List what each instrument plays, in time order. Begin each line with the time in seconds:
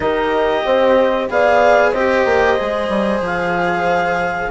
0.00 bassoon D#4, cello G4, horn A#4, clarinet D#5
0.65 bassoon C4, horn C5
1.29 bassoon B3, cello G#4, horn D5, clarinet F5
1.91 bassoon C4, cello G4, horn C5, clarinet D#5
2.25 bassoon A#3
2.56 bassoon G#3, cello G#4
2.89 bassoon G3
3.20 bassoon F3, clarinet F5